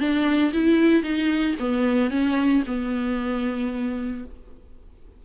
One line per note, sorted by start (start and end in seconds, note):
0.00 0.53 D4
0.54 1.03 E4
1.03 1.56 D#4
1.60 2.11 B3
2.11 2.63 C#4
2.67 4.25 B3